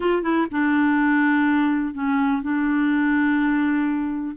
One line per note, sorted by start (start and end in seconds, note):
0.00 0.22 F4
0.22 0.46 E4
0.51 1.94 D4
1.94 2.42 C#4
2.42 4.35 D4